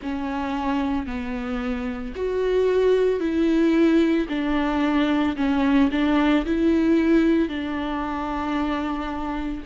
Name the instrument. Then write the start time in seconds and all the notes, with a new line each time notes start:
viola
0.02 C#4
1.06 B3
2.15 F#4
3.19 E4
4.29 D4
5.36 C#4
5.91 D4
6.45 E4
7.49 D4